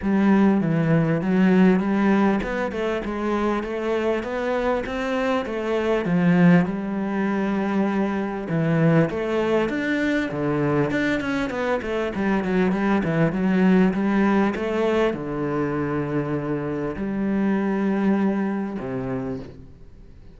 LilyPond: \new Staff \with { instrumentName = "cello" } { \time 4/4 \tempo 4 = 99 g4 e4 fis4 g4 | b8 a8 gis4 a4 b4 | c'4 a4 f4 g4~ | g2 e4 a4 |
d'4 d4 d'8 cis'8 b8 a8 | g8 fis8 g8 e8 fis4 g4 | a4 d2. | g2. c4 | }